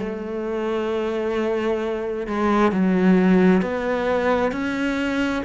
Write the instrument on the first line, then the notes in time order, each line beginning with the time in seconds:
cello
0.00 A3
2.27 G#3
2.72 F#3
3.62 B3
4.52 C#4